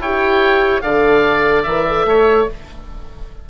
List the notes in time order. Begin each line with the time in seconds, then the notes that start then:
0.00 E4 G4 C#5 G5
0.82 D3 A4 D5 F5
1.63 E3 A#4 E5
1.88 A4
2.05 A3 C#5